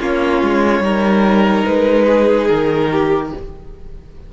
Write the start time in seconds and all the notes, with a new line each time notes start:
0.00 A#3 C#4 F4 C#5
0.42 G#3
0.80 G3 D#4 A#4
1.66 G#3 B4
2.05 G#4
2.48 D#3 A#4
2.91 G4